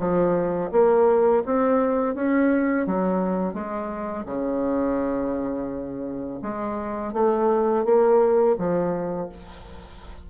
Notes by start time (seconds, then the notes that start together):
0.00 F3
0.72 A#3
1.46 C4
2.15 C#4
2.87 F#3
3.54 G#3
4.26 C#3
6.42 G#3
7.14 A3
7.85 A#3
8.58 F3